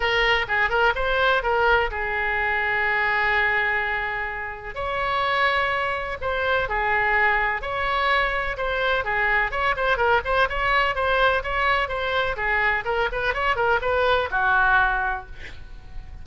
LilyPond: \new Staff \with { instrumentName = "oboe" } { \time 4/4 \tempo 4 = 126 ais'4 gis'8 ais'8 c''4 ais'4 | gis'1~ | gis'2 cis''2~ | cis''4 c''4 gis'2 |
cis''2 c''4 gis'4 | cis''8 c''8 ais'8 c''8 cis''4 c''4 | cis''4 c''4 gis'4 ais'8 b'8 | cis''8 ais'8 b'4 fis'2 | }